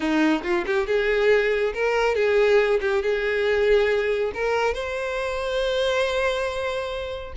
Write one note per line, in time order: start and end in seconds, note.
0.00 0.42 D#4
0.43 0.64 F4
0.66 0.86 G4
0.86 1.73 G#4
1.74 2.15 A#4
2.15 2.80 G#4
2.81 3.02 G4
3.02 4.31 G#4
4.33 4.74 A#4
4.74 7.33 C5